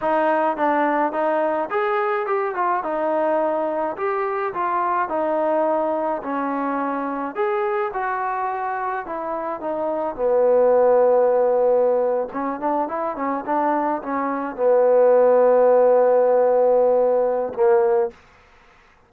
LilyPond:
\new Staff \with { instrumentName = "trombone" } { \time 4/4 \tempo 4 = 106 dis'4 d'4 dis'4 gis'4 | g'8 f'8 dis'2 g'4 | f'4 dis'2 cis'4~ | cis'4 gis'4 fis'2 |
e'4 dis'4 b2~ | b4.~ b16 cis'8 d'8 e'8 cis'8 d'16~ | d'8. cis'4 b2~ b16~ | b2. ais4 | }